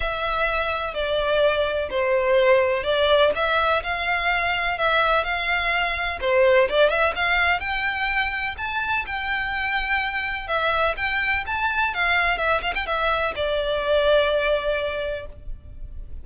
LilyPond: \new Staff \with { instrumentName = "violin" } { \time 4/4 \tempo 4 = 126 e''2 d''2 | c''2 d''4 e''4 | f''2 e''4 f''4~ | f''4 c''4 d''8 e''8 f''4 |
g''2 a''4 g''4~ | g''2 e''4 g''4 | a''4 f''4 e''8 f''16 g''16 e''4 | d''1 | }